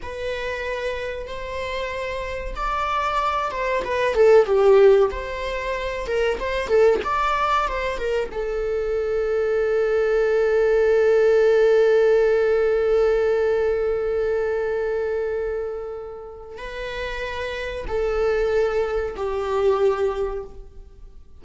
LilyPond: \new Staff \with { instrumentName = "viola" } { \time 4/4 \tempo 4 = 94 b'2 c''2 | d''4. c''8 b'8 a'8 g'4 | c''4. ais'8 c''8 a'8 d''4 | c''8 ais'8 a'2.~ |
a'1~ | a'1~ | a'2 b'2 | a'2 g'2 | }